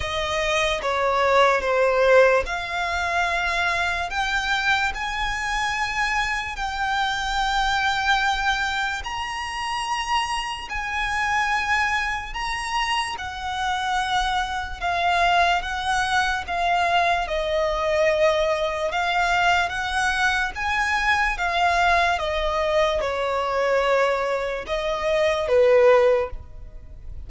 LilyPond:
\new Staff \with { instrumentName = "violin" } { \time 4/4 \tempo 4 = 73 dis''4 cis''4 c''4 f''4~ | f''4 g''4 gis''2 | g''2. ais''4~ | ais''4 gis''2 ais''4 |
fis''2 f''4 fis''4 | f''4 dis''2 f''4 | fis''4 gis''4 f''4 dis''4 | cis''2 dis''4 b'4 | }